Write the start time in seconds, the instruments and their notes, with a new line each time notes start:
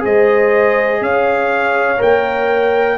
0.00 tuba G#3, trombone G#4, horn C5, trumpet D#5
1.02 tuba C#4, horn C#5, trumpet F5
1.98 tuba A#3, trombone A#4, trumpet G5